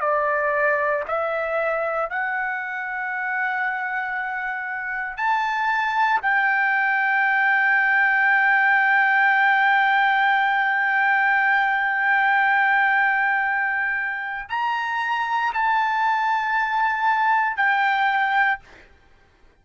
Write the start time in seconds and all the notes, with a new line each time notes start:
0.00 D5
1.08 E5
2.09 F#5
5.17 A5
6.22 G5
14.49 A#5
15.53 A5
17.56 G5